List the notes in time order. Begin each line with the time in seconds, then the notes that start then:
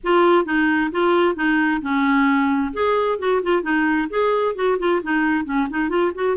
0.03 F4
0.45 D#4
0.91 F4
1.35 D#4
1.81 C#4
2.73 G#4
3.18 F#4
3.42 F4
3.62 D#4
4.09 G#4
4.55 F#4
4.79 F4
5.02 D#4
5.44 C#4
5.69 D#4
5.89 F4
6.14 F#4